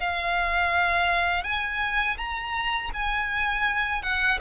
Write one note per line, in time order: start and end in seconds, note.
0.00 1.44 F5
1.44 2.17 G#5
2.18 2.91 A#5
2.93 4.03 G#5
4.03 4.39 F#5